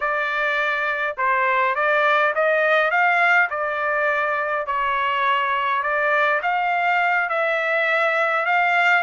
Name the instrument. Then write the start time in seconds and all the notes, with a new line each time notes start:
trumpet
0.00 D5
1.17 C5
1.75 D5
2.35 D#5
2.90 F5
3.50 D5
4.66 C#5
5.82 D5
6.42 F5
7.29 E5
8.45 F5